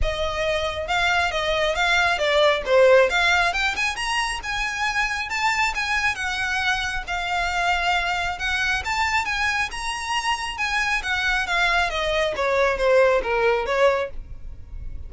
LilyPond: \new Staff \with { instrumentName = "violin" } { \time 4/4 \tempo 4 = 136 dis''2 f''4 dis''4 | f''4 d''4 c''4 f''4 | g''8 gis''8 ais''4 gis''2 | a''4 gis''4 fis''2 |
f''2. fis''4 | a''4 gis''4 ais''2 | gis''4 fis''4 f''4 dis''4 | cis''4 c''4 ais'4 cis''4 | }